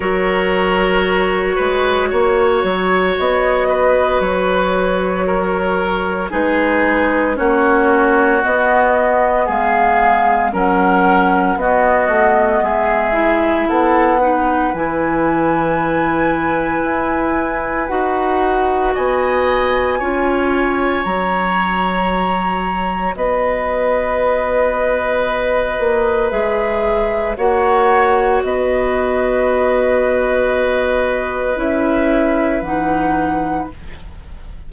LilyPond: <<
  \new Staff \with { instrumentName = "flute" } { \time 4/4 \tempo 4 = 57 cis''2. dis''4 | cis''2 b'4 cis''4 | dis''4 f''4 fis''4 dis''4 | e''4 fis''4 gis''2~ |
gis''4 fis''4 gis''2 | ais''2 dis''2~ | dis''4 e''4 fis''4 dis''4~ | dis''2 e''4 fis''4 | }
  \new Staff \with { instrumentName = "oboe" } { \time 4/4 ais'4. b'8 cis''4. b'8~ | b'4 ais'4 gis'4 fis'4~ | fis'4 gis'4 ais'4 fis'4 | gis'4 a'8 b'2~ b'8~ |
b'2 dis''4 cis''4~ | cis''2 b'2~ | b'2 cis''4 b'4~ | b'1 | }
  \new Staff \with { instrumentName = "clarinet" } { \time 4/4 fis'1~ | fis'2 dis'4 cis'4 | b2 cis'4 b4~ | b8 e'4 dis'8 e'2~ |
e'4 fis'2 f'4 | fis'1~ | fis'4 gis'4 fis'2~ | fis'2 e'4 dis'4 | }
  \new Staff \with { instrumentName = "bassoon" } { \time 4/4 fis4. gis8 ais8 fis8 b4 | fis2 gis4 ais4 | b4 gis4 fis4 b8 a8 | gis4 b4 e2 |
e'4 dis'4 b4 cis'4 | fis2 b2~ | b8 ais8 gis4 ais4 b4~ | b2 cis'4 e4 | }
>>